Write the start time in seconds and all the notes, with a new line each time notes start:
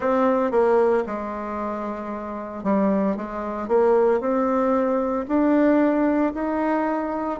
0.00 C4
0.51 A#3
1.06 G#3
2.63 G3
3.16 G#3
3.68 A#3
4.20 C4
5.28 D4
6.34 D#4